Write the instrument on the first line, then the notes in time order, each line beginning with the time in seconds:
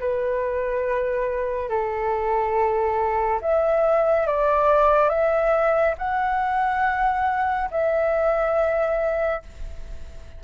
flute
0.00 B4
1.69 A4
3.41 E5
4.27 D5
5.09 E5
5.98 F#5
7.71 E5